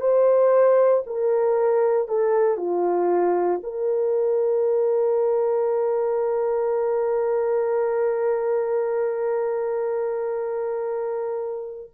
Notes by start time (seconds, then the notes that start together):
0.00 C5
1.06 A#4
2.07 A4
2.57 F4
3.63 A#4